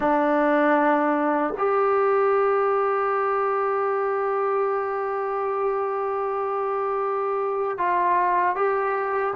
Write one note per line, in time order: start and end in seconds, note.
0.00 1.53 D4
1.57 7.78 G4
7.78 8.55 F4
8.55 9.33 G4